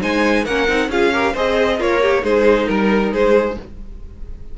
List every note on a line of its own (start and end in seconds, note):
0.00 0.45 G#3
0.00 0.44 D#4
0.00 0.44 C5
0.00 0.45 G#5
0.44 0.67 A#3
0.44 0.68 C#4
0.44 0.88 A#4
0.44 0.89 F#5
0.67 0.88 C4
0.67 0.90 D#4
0.88 1.33 C#4
0.88 1.13 F4
0.88 1.12 G#4
0.88 1.35 F5
1.12 1.35 G4
1.12 1.32 A#4
1.32 1.80 C4
1.32 1.79 G#4
1.32 1.77 C5
1.32 1.81 D#5
1.78 2.23 A#3
1.78 2.00 F4
1.78 2.21 A#4
1.78 2.24 C#5
2.01 2.23 G4
2.21 2.67 G#3
2.21 3.54 D#4
2.21 2.66 G#4
2.21 2.68 C5
2.66 3.12 G3
2.66 3.10 A#4
2.66 3.13 A#4
3.12 3.57 G#3
3.12 3.58 G#4
3.12 3.57 C5